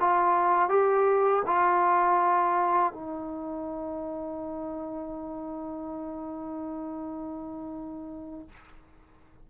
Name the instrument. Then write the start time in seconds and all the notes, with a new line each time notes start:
trombone
0.00 F4
0.69 G4
1.46 F4
2.93 D#4